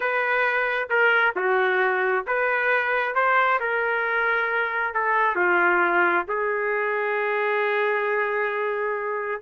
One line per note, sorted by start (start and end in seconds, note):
0.00 0.89 B4
0.89 1.34 A#4
1.36 2.25 F#4
2.27 3.14 B4
3.14 3.59 C5
3.59 4.94 A#4
4.94 5.35 A4
5.35 6.25 F4
6.28 9.41 G#4